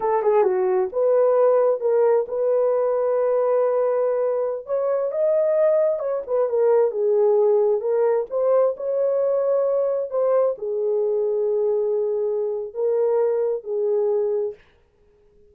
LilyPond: \new Staff \with { instrumentName = "horn" } { \time 4/4 \tempo 4 = 132 a'8 gis'8 fis'4 b'2 | ais'4 b'2.~ | b'2~ b'16 cis''4 dis''8.~ | dis''4~ dis''16 cis''8 b'8 ais'4 gis'8.~ |
gis'4~ gis'16 ais'4 c''4 cis''8.~ | cis''2~ cis''16 c''4 gis'8.~ | gis'1 | ais'2 gis'2 | }